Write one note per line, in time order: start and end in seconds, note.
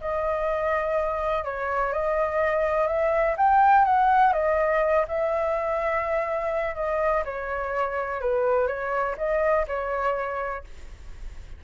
0.00 1.44 D#5
1.44 1.93 C#5
1.93 2.87 D#5
2.87 3.35 E5
3.37 3.84 G5
3.84 4.33 F#5
4.33 5.05 D#5
5.08 6.75 E5
6.75 7.23 D#5
7.24 8.21 C#5
8.21 8.67 B4
8.67 9.15 C#5
9.17 9.66 D#5
9.67 10.64 C#5